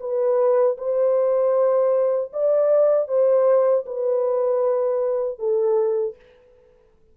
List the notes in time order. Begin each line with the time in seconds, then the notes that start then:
0.00 B4
0.78 C5
2.33 D5
3.08 C5
3.86 B4
5.39 A4